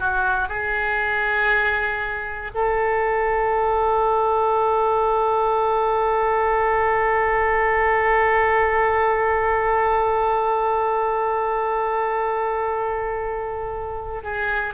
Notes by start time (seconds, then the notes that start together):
0.00 F#4
0.49 G#4
2.55 A4
14.23 G#4